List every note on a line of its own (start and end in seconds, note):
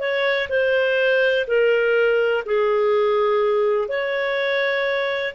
0.00 0.48 C#5
0.50 1.46 C5
1.47 2.44 A#4
2.46 3.89 G#4
3.89 5.34 C#5